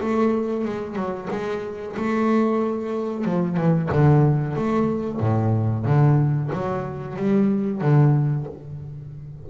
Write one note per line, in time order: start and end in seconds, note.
0.00 0.65 A3
0.65 0.96 G#3
0.96 1.28 F#3
1.30 1.96 G#3
1.97 3.25 A3
3.25 3.57 F3
3.57 3.90 E3
3.93 4.56 D3
4.56 5.20 A3
5.20 5.85 A2
5.85 6.51 D3
6.53 7.17 F#3
7.17 7.81 G3
7.81 8.47 D3